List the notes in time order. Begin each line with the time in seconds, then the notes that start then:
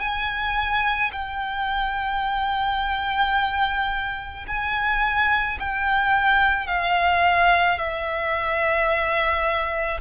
0.00 G#5
1.13 G5
4.47 G#5
5.60 G5
6.67 F5
7.79 E5